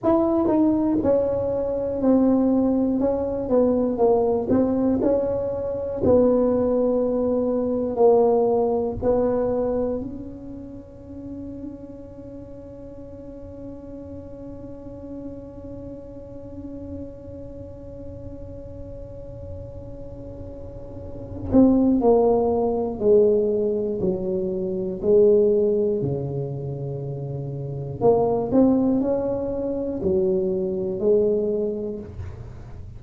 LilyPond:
\new Staff \with { instrumentName = "tuba" } { \time 4/4 \tempo 4 = 60 e'8 dis'8 cis'4 c'4 cis'8 b8 | ais8 c'8 cis'4 b2 | ais4 b4 cis'2~ | cis'1~ |
cis'1~ | cis'4. c'8 ais4 gis4 | fis4 gis4 cis2 | ais8 c'8 cis'4 fis4 gis4 | }